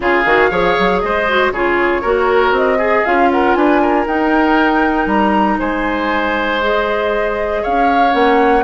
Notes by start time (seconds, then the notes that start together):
0.00 C#3 F4 G#4 F5
0.25 D#3 F#4
0.50 F3 G#4 C#5
0.78 F#3
1.00 G#3 C5 D#5
1.28 F#4
1.51 C#3 F4 G#4 C#5
2.01 A#3 F#4 A#4
2.51 C4 D#5
2.78 G#4
3.05 C#4 F4 F5
3.31 A#4 F#5
3.54 D4 B4 G#5
3.81 A#4
4.06 D#4 G5
5.06 G3 A#5
5.58 G#3 C5 G#5
6.60 G#4 D#5
7.62 C#4 C#5 F5
8.11 A#3 C#4 F#5